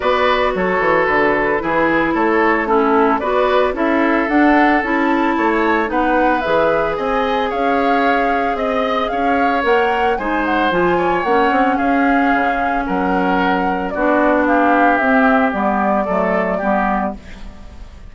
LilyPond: <<
  \new Staff \with { instrumentName = "flute" } { \time 4/4 \tempo 4 = 112 d''4 cis''4 b'2 | cis''4 a'4 d''4 e''4 | fis''4 a''2 fis''4 | e''4 gis''4 f''2 |
dis''4 f''4 fis''4 gis''8 fis''8 | gis''4 fis''4 f''2 | fis''2 d''4 f''4 | e''4 d''2. | }
  \new Staff \with { instrumentName = "oboe" } { \time 4/4 b'4 a'2 gis'4 | a'4 e'4 b'4 a'4~ | a'2 cis''4 b'4~ | b'4 dis''4 cis''2 |
dis''4 cis''2 c''4~ | c''8 cis''4. gis'2 | ais'2 fis'4 g'4~ | g'2 a'4 g'4 | }
  \new Staff \with { instrumentName = "clarinet" } { \time 4/4 fis'2. e'4~ | e'4 cis'4 fis'4 e'4 | d'4 e'2 dis'4 | gis'1~ |
gis'2 ais'4 dis'4 | f'4 cis'2.~ | cis'2 d'2 | c'4 b4 a4 b4 | }
  \new Staff \with { instrumentName = "bassoon" } { \time 4/4 b4 fis8 e8 d4 e4 | a2 b4 cis'4 | d'4 cis'4 a4 b4 | e4 c'4 cis'2 |
c'4 cis'4 ais4 gis4 | f4 ais8 c'8 cis'4 cis4 | fis2 b2 | c'4 g4 fis4 g4 | }
>>